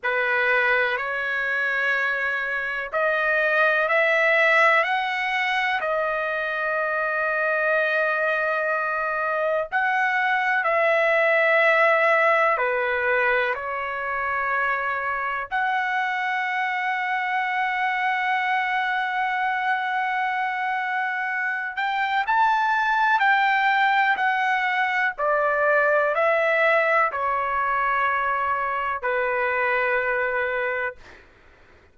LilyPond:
\new Staff \with { instrumentName = "trumpet" } { \time 4/4 \tempo 4 = 62 b'4 cis''2 dis''4 | e''4 fis''4 dis''2~ | dis''2 fis''4 e''4~ | e''4 b'4 cis''2 |
fis''1~ | fis''2~ fis''8 g''8 a''4 | g''4 fis''4 d''4 e''4 | cis''2 b'2 | }